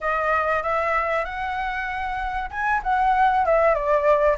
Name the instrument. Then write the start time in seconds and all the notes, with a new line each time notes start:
flute
0.01 D#5
0.62 E5
1.24 F#5
2.50 G#5
2.83 F#5
3.45 E5
3.74 D5